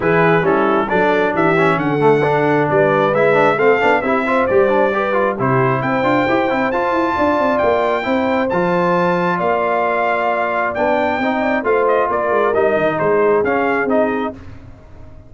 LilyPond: <<
  \new Staff \with { instrumentName = "trumpet" } { \time 4/4 \tempo 4 = 134 b'4 a'4 d''4 e''4 | fis''2 d''4 e''4 | f''4 e''4 d''2 | c''4 g''2 a''4~ |
a''4 g''2 a''4~ | a''4 f''2. | g''2 f''8 dis''8 d''4 | dis''4 c''4 f''4 dis''4 | }
  \new Staff \with { instrumentName = "horn" } { \time 4/4 gis'4 e'4 a'4 g'4 | a'2 b'2 | a'4 g'8 c''4. b'4 | g'4 c''2. |
d''2 c''2~ | c''4 d''2.~ | d''4 dis''8 d''8 c''4 ais'4~ | ais'4 gis'2. | }
  \new Staff \with { instrumentName = "trombone" } { \time 4/4 e'4 cis'4 d'4. cis'8~ | cis'8 a8 d'2 e'8 d'8 | c'8 d'8 e'8 f'8 g'8 d'8 g'8 f'8 | e'4. f'8 g'8 e'8 f'4~ |
f'2 e'4 f'4~ | f'1 | d'4 dis'4 f'2 | dis'2 cis'4 dis'4 | }
  \new Staff \with { instrumentName = "tuba" } { \time 4/4 e4 g4 fis4 e4 | d2 g4 gis4 | a8 b8 c'4 g2 | c4 c'8 d'8 e'8 c'8 f'8 e'8 |
d'8 c'8 ais4 c'4 f4~ | f4 ais2. | b4 c'4 a4 ais8 gis8 | g8 dis8 gis4 cis'4 c'4 | }
>>